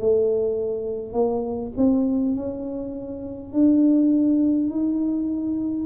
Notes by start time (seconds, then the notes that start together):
0.00 A3
1.13 A#3
1.77 C4
2.36 C#4
3.53 D4
4.71 D#4